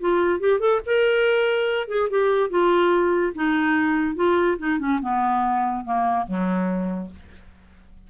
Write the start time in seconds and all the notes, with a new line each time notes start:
0.00 F4
0.40 G4
0.60 A4
0.86 A#4
1.88 G#4
2.10 G4
2.50 F4
3.35 D#4
4.16 F4
4.58 D#4
4.79 C#4
5.02 B3
5.85 A#3
6.27 F#3